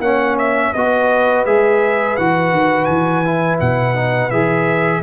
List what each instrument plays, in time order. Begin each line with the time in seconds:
0.00 tuba A#3, trombone C#4, horn C#5, trumpet F#5
0.39 trumpet E5
0.74 tuba B3, trombone F#4, horn B4, trumpet D#5
1.46 tuba G#3, trombone G#4, trumpet E5
2.17 tuba E3, trombone F#4, trumpet F#5
2.53 tuba D#3
2.85 tuba E3, trumpet G#5
3.25 trombone E4
3.61 tuba B2, trumpet F#5
3.95 trombone D#4
4.31 tuba E3, trombone G#4, trumpet E5